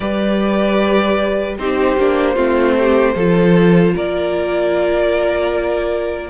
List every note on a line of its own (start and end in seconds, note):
0.00 1.58 G3
0.00 1.58 G4
0.00 1.57 B4
0.00 1.54 D5
1.58 1.96 C4
1.58 1.98 D#4
1.58 2.35 G4
1.58 3.95 C5
1.96 2.36 A#3
1.96 2.35 D4
2.35 3.14 A3
2.35 3.14 C4
2.35 2.75 F4
2.78 3.15 G4
3.15 3.94 F3
3.15 6.29 F4
3.15 3.94 A4
3.94 6.29 A#3
3.94 6.29 A#4
3.94 6.29 D5